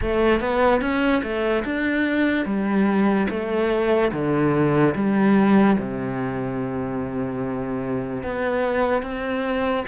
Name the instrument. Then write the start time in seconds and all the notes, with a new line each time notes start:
cello
0.01 A3
0.40 B3
0.81 C#4
1.22 A3
1.64 D4
2.45 G3
3.29 A3
4.12 D3
4.95 G3
5.79 C3
8.23 B3
9.02 C4